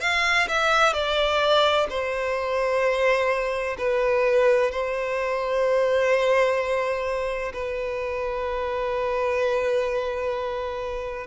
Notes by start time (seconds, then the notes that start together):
0.00 F5
0.48 E5
0.93 D5
1.89 C5
3.78 B4
4.71 C5
7.53 B4